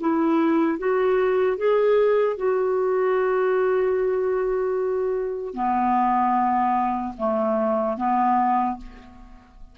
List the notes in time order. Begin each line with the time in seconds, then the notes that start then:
0.00 E4
0.78 F#4
1.57 G#4
2.37 F#4
5.54 B3
7.17 A3
7.97 B3